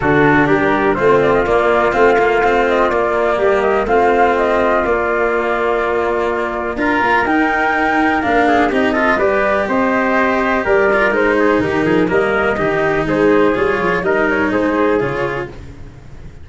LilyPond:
<<
  \new Staff \with { instrumentName = "flute" } { \time 4/4 \tempo 4 = 124 a'4 ais'4 c''8 d''16 dis''16 d''4 | f''4. dis''8 d''4. dis''8 | f''4 dis''4 d''2~ | d''2 ais''4 g''4~ |
g''4 f''4 dis''4 d''4 | dis''2 d''4 c''4 | ais'4 dis''2 c''4 | cis''4 dis''8 cis''8 c''4 cis''4 | }
  \new Staff \with { instrumentName = "trumpet" } { \time 4/4 fis'4 g'4 f'2~ | f'2. g'4 | f'1~ | f'2 ais'2~ |
ais'4. gis'8 g'8 a'8 b'4 | c''2 ais'4. gis'8 | g'8 gis'8 ais'4 g'4 gis'4~ | gis'4 ais'4 gis'2 | }
  \new Staff \with { instrumentName = "cello" } { \time 4/4 d'2 c'4 ais4 | c'8 ais8 c'4 ais2 | c'2 ais2~ | ais2 f'4 dis'4~ |
dis'4 d'4 dis'8 f'8 g'4~ | g'2~ g'8 f'8 dis'4~ | dis'4 ais4 dis'2 | f'4 dis'2 f'4 | }
  \new Staff \with { instrumentName = "tuba" } { \time 4/4 d4 g4 a4 ais4 | a2 ais4 g4 | a2 ais2~ | ais2 d'8 ais8 dis'4~ |
dis'4 ais4 c'4 g4 | c'2 g4 gis4 | dis8 f8 g4 dis4 gis4 | g8 f8 g4 gis4 cis4 | }
>>